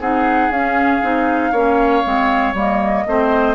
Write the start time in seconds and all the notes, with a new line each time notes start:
0.00 C4 D#4 G#4 F#5
0.50 C#4 F5
1.03 C4 D#4
1.52 A#3 C#4 C#5
2.04 G#3 C4
2.54 G3 A#3 D#5
3.07 A3 C4 C5